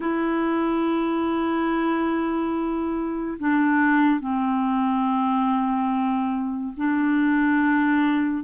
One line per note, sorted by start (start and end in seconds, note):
0.00 3.38 E4
3.39 4.20 D4
4.20 6.73 C4
6.76 8.43 D4